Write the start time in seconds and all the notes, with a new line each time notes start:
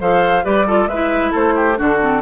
0.00 F3 A4 C5 F5
0.43 G3 G4 B4 D5
0.67 F4 A4
0.87 G#3 E4 B4 E5
1.31 A3 A4 C5
1.56 G4
1.75 D3 D4 F#4 A4
2.01 C4